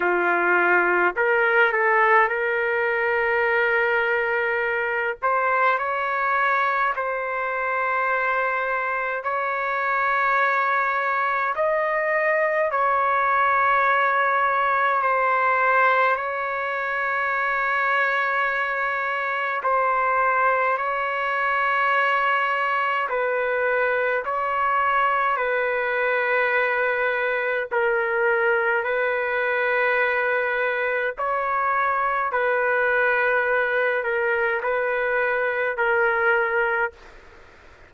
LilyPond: \new Staff \with { instrumentName = "trumpet" } { \time 4/4 \tempo 4 = 52 f'4 ais'8 a'8 ais'2~ | ais'8 c''8 cis''4 c''2 | cis''2 dis''4 cis''4~ | cis''4 c''4 cis''2~ |
cis''4 c''4 cis''2 | b'4 cis''4 b'2 | ais'4 b'2 cis''4 | b'4. ais'8 b'4 ais'4 | }